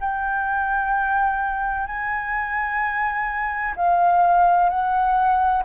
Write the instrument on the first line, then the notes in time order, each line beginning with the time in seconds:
flute
0.00 G5
1.86 G#5
3.76 F5
4.69 F#5